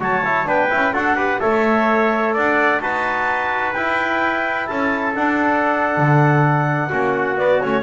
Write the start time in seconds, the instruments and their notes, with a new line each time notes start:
0.00 double bass F#3, trombone F#4, trumpet C#5, clarinet A5
0.25 trombone E4
0.45 double bass B3, trombone D4, trumpet B4, clarinet G5
0.70 double bass C#4, trombone E4
0.93 double bass D4, trombone F#4, trumpet A4, clarinet F#5
1.16 trombone G4, trumpet B4
1.40 double bass A3, trombone A4, trumpet C#5, clarinet E5
2.33 double bass D4, trumpet D5, clarinet F#5
2.80 double bass D#4, trombone F#4, trumpet B4, clarinet A5
3.73 double bass E4, trombone E4, clarinet G5
4.67 double bass C#4, trumpet A4, clarinet A5
5.15 trombone D4, double bass D4, clarinet F#5
5.97 double bass D3
6.90 double bass A#3, trombone C#4, trumpet F#4
7.36 trombone B3, double bass B3, clarinet D5
7.61 double bass A3, trombone C#4, clarinet C#5